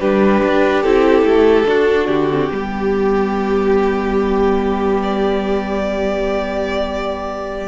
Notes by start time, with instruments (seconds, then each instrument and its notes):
0.00 cello G3, viola D4, violin G4 B4
0.44 cello D4
0.83 cello C4, viola E4, violin A4
1.23 cello A3
1.67 viola D4, cello D4, violin F#4
2.08 cello D3, violin G4
2.31 viola C4
2.51 cello G3, viola B3, violin G4
5.03 violin D5